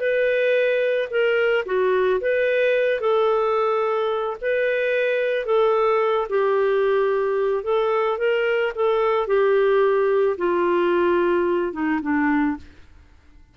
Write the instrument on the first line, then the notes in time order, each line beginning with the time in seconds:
clarinet
0.00 B4
1.11 A#4
1.66 F#4
2.21 B4
3.00 A4
4.41 B4
5.46 A4
6.30 G4
7.64 A4
8.18 A#4
8.76 A4
9.27 G4
10.38 F4
11.73 D#4
12.02 D4